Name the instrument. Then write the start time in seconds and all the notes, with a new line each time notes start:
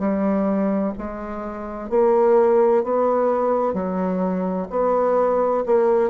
bassoon
0.00 G3
0.98 G#3
1.90 A#3
2.84 B3
3.74 F#3
4.71 B3
5.66 A#3